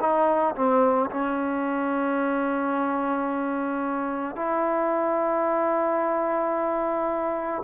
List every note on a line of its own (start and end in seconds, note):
0.00 0.55 D#4
0.55 1.10 C4
1.10 4.36 C#4
4.36 7.63 E4